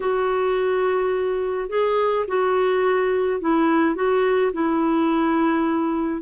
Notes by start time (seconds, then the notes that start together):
0.00 F#4
1.69 G#4
2.27 F#4
3.40 E4
3.95 F#4
4.52 E4